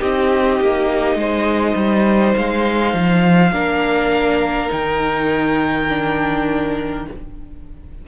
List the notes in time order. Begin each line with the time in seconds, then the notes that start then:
0.00 C4 D#4 G4 D#5
0.61 A#3
1.16 G#3 C5
1.76 G3
2.37 G#3 F5
2.94 F3
3.53 A#3 D4 A#4
4.69 D#3 D#4 G5
5.89 D4